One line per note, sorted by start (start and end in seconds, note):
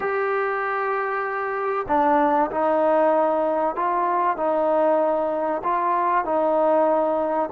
0.00 1.86 G4
1.88 2.50 D4
2.50 3.75 D#4
3.75 4.37 F4
4.37 5.62 D#4
5.63 6.24 F4
6.24 7.49 D#4